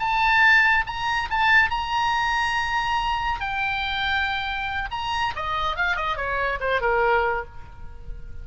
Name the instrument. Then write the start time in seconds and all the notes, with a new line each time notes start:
oboe
0.00 A5
0.87 A#5
1.31 A5
1.71 A#5
3.41 G5
4.92 A#5
5.36 D#5
5.77 F5
5.97 D#5
6.17 C#5
6.61 C5
6.82 A#4